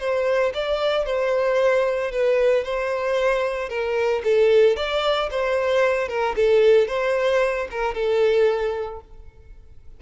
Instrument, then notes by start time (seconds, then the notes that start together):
violin
0.00 C5
0.55 D5
1.06 C5
2.12 B4
2.65 C5
3.70 A#4
4.24 A4
4.77 D5
5.31 C5
6.09 A#4
6.36 A4
6.88 C5
7.71 A#4
7.95 A4